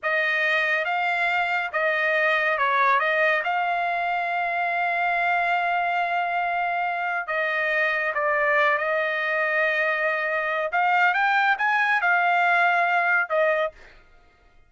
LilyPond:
\new Staff \with { instrumentName = "trumpet" } { \time 4/4 \tempo 4 = 140 dis''2 f''2 | dis''2 cis''4 dis''4 | f''1~ | f''1~ |
f''4 dis''2 d''4~ | d''8 dis''2.~ dis''8~ | dis''4 f''4 g''4 gis''4 | f''2. dis''4 | }